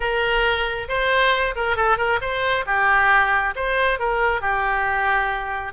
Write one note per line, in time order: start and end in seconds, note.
0.00 0.88 A#4
0.88 1.54 C5
1.55 1.76 A#4
1.76 1.97 A4
1.97 2.19 A#4
2.21 2.65 C5
2.66 3.54 G4
3.55 3.99 C5
3.99 4.41 A#4
4.41 5.73 G4